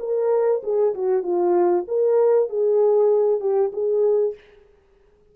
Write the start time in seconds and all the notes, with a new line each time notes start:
0.00 A#4
0.63 G#4
0.95 F#4
1.23 F4
1.88 A#4
2.49 G#4
3.41 G4
3.73 G#4